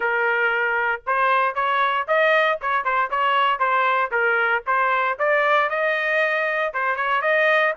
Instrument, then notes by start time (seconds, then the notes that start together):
trumpet
0.00 A#4
1.06 C5
1.54 C#5
2.07 D#5
2.61 C#5
2.84 C5
3.10 C#5
3.59 C5
4.11 A#4
4.66 C5
5.18 D5
5.69 D#5
6.73 C5
6.96 C#5
7.21 D#5